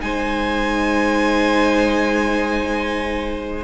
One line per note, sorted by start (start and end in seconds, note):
0.00 3.64 G#3
0.00 3.64 D#4
0.00 3.64 C5
0.00 3.64 G#5